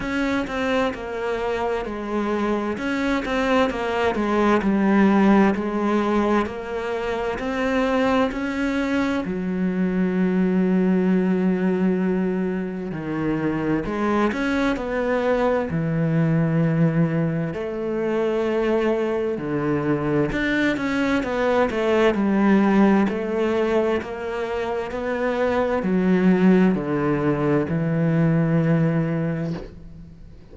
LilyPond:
\new Staff \with { instrumentName = "cello" } { \time 4/4 \tempo 4 = 65 cis'8 c'8 ais4 gis4 cis'8 c'8 | ais8 gis8 g4 gis4 ais4 | c'4 cis'4 fis2~ | fis2 dis4 gis8 cis'8 |
b4 e2 a4~ | a4 d4 d'8 cis'8 b8 a8 | g4 a4 ais4 b4 | fis4 d4 e2 | }